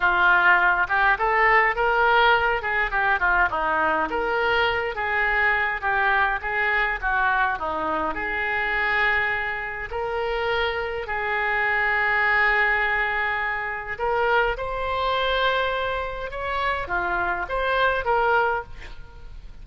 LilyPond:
\new Staff \with { instrumentName = "oboe" } { \time 4/4 \tempo 4 = 103 f'4. g'8 a'4 ais'4~ | ais'8 gis'8 g'8 f'8 dis'4 ais'4~ | ais'8 gis'4. g'4 gis'4 | fis'4 dis'4 gis'2~ |
gis'4 ais'2 gis'4~ | gis'1 | ais'4 c''2. | cis''4 f'4 c''4 ais'4 | }